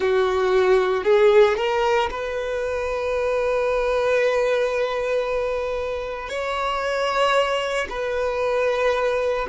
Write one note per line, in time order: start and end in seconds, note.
0.00 1.04 F#4
1.04 1.56 G#4
1.56 2.09 A#4
2.10 6.29 B4
6.29 7.87 C#5
7.89 9.47 B4